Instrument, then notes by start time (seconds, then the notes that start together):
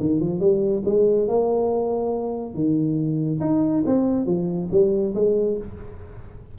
tuba
0.00 D#3
0.20 F3
0.40 G3
0.86 G#3
1.28 A#3
2.54 D#3
3.41 D#4
3.86 C4
4.26 F3
4.71 G3
5.15 G#3